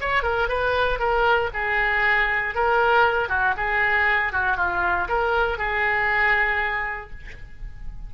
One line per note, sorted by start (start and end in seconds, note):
0.00 0.23 C#5
0.23 0.48 A#4
0.48 0.99 B4
0.99 1.50 A#4
1.53 2.54 G#4
2.54 3.28 A#4
3.28 3.54 F#4
3.56 4.32 G#4
4.32 4.57 F#4
4.57 5.08 F4
5.08 5.57 A#4
5.57 7.10 G#4